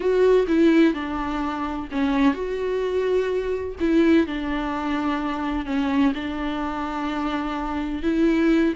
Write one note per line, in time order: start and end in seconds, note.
0.00 0.46 F#4
0.47 0.94 E4
0.94 1.88 D4
1.91 2.34 C#4
2.34 3.75 F#4
3.79 4.26 E4
4.26 5.65 D4
5.65 6.12 C#4
6.14 8.02 D4
8.02 8.73 E4